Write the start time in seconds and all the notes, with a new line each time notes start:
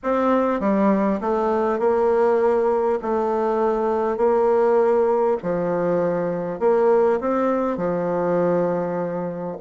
0.03 C4
0.60 G3
1.20 A3
1.79 A#3
3.02 A3
4.17 A#3
5.42 F3
6.59 A#3
7.20 C4
7.77 F3